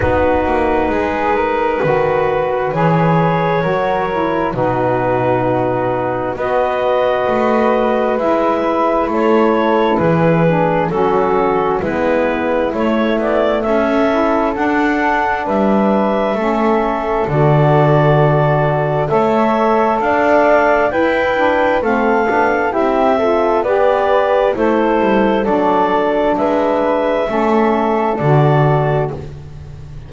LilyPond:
<<
  \new Staff \with { instrumentName = "clarinet" } { \time 4/4 \tempo 4 = 66 b'2. cis''4~ | cis''4 b'2 dis''4~ | dis''4 e''4 cis''4 b'4 | a'4 b'4 cis''8 d''8 e''4 |
fis''4 e''2 d''4~ | d''4 e''4 f''4 g''4 | f''4 e''4 d''4 c''4 | d''4 e''2 d''4 | }
  \new Staff \with { instrumentName = "flute" } { \time 4/4 fis'4 gis'8 ais'8 b'2 | ais'4 fis'2 b'4~ | b'2 a'4 gis'4 | fis'4 e'2 a'4~ |
a'4 b'4 a'2~ | a'4 cis''4 d''4 b'4 | a'4 g'8 a'8 b'4 e'4 | a'4 b'4 a'2 | }
  \new Staff \with { instrumentName = "saxophone" } { \time 4/4 dis'2 fis'4 gis'4 | fis'8 e'8 dis'2 fis'4~ | fis'4 e'2~ e'8 d'8 | cis'4 b4 a4. e'8 |
d'2 cis'4 fis'4~ | fis'4 a'2 e'8 d'8 | c'8 d'8 e'8 f'8 g'4 a'4 | d'2 cis'4 fis'4 | }
  \new Staff \with { instrumentName = "double bass" } { \time 4/4 b8 ais8 gis4 dis4 e4 | fis4 b,2 b4 | a4 gis4 a4 e4 | fis4 gis4 a8 b8 cis'4 |
d'4 g4 a4 d4~ | d4 a4 d'4 e'4 | a8 b8 c'4 b4 a8 g8 | fis4 gis4 a4 d4 | }
>>